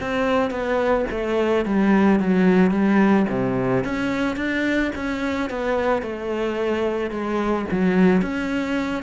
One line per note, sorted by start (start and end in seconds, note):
0.00 0.50 C4
0.50 1.05 B3
1.11 1.65 A3
1.65 2.20 G3
2.20 2.71 F#3
2.71 3.26 G3
3.30 3.84 C3
3.84 4.36 C#4
4.36 4.91 D4
4.95 5.50 C#4
5.50 6.02 B3
6.02 7.11 A3
7.11 7.66 G#3
7.71 8.22 F#3
8.22 9.03 C#4